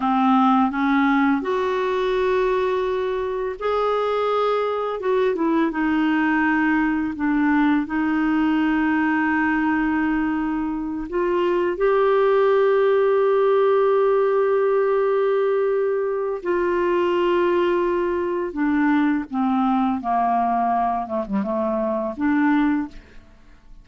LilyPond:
\new Staff \with { instrumentName = "clarinet" } { \time 4/4 \tempo 4 = 84 c'4 cis'4 fis'2~ | fis'4 gis'2 fis'8 e'8 | dis'2 d'4 dis'4~ | dis'2.~ dis'8 f'8~ |
f'8 g'2.~ g'8~ | g'2. f'4~ | f'2 d'4 c'4 | ais4. a16 g16 a4 d'4 | }